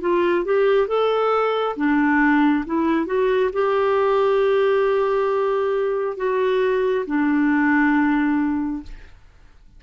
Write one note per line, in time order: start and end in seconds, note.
0.00 0.44 F4
0.44 0.87 G4
0.87 1.76 A4
1.76 2.64 D4
2.66 3.06 E4
3.06 3.50 F#4
3.53 6.16 G4
6.16 7.05 F#4
7.06 8.82 D4